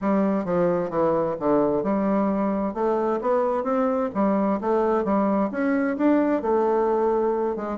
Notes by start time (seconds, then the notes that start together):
0.01 G3
0.44 F3
0.89 E3
1.39 D3
1.83 G3
2.74 A3
3.21 B3
3.63 C4
4.14 G3
4.60 A3
5.04 G3
5.51 C#4
5.97 D4
6.41 A3
7.56 G#3